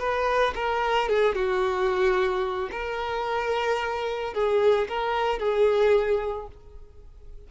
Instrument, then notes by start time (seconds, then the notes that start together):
violin
0.00 B4
0.55 A#4
1.10 G#4
1.35 F#4
2.72 A#4
4.34 G#4
4.89 A#4
5.40 G#4